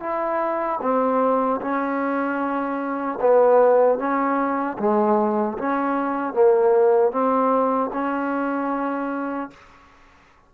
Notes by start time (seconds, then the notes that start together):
0.00 E4
0.81 C4
1.61 C#4
3.21 B3
3.98 C#4
4.79 G#3
5.58 C#4
6.34 A#3
7.12 C4
7.93 C#4